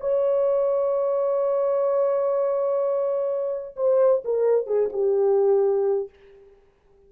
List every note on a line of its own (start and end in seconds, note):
0.00 3.75 C#5
3.76 4.23 C5
4.24 4.66 A#4
4.66 4.90 G#4
4.92 6.09 G4